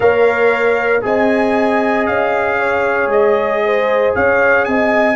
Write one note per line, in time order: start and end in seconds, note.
0.00 1.02 A#3
0.00 1.01 A#4
0.00 1.04 C#5
0.00 1.02 F5
1.01 2.07 C4
1.01 5.15 G#4
1.01 2.58 D#5
1.01 2.06 G#5
2.06 3.06 C#4
2.06 3.09 F5
2.58 3.61 C#5
3.06 4.10 G#3
3.06 4.14 D#5
3.64 4.16 C5
4.15 4.67 C#4
4.15 4.67 C#5
4.15 4.64 F5
4.64 5.16 C4
4.64 5.16 D#5
4.64 5.16 G#5